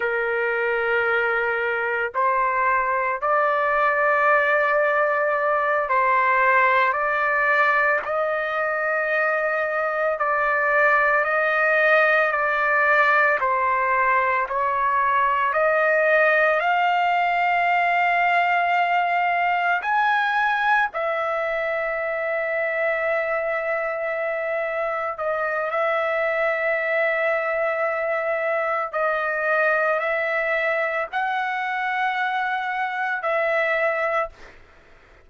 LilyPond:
\new Staff \with { instrumentName = "trumpet" } { \time 4/4 \tempo 4 = 56 ais'2 c''4 d''4~ | d''4. c''4 d''4 dis''8~ | dis''4. d''4 dis''4 d''8~ | d''8 c''4 cis''4 dis''4 f''8~ |
f''2~ f''8 gis''4 e''8~ | e''2.~ e''8 dis''8 | e''2. dis''4 | e''4 fis''2 e''4 | }